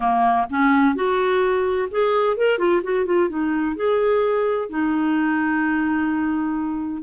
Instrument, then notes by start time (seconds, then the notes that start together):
clarinet
0.00 A#3
0.50 C#4
0.95 F#4
1.90 G#4
2.36 A#4
2.58 F4
2.83 F#4
3.05 F4
3.29 D#4
3.75 G#4
4.69 D#4